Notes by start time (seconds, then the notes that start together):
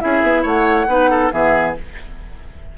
0.00 C#4 E4 G#4 E5
0.23 B3
0.43 A3 C#5 F#5
0.88 B3 D#4 B4
1.11 A4
1.32 E3 B3 G#4 E5